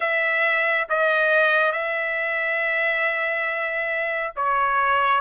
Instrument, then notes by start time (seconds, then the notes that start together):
trumpet
0.00 E5
0.89 D#5
1.72 E5
4.36 C#5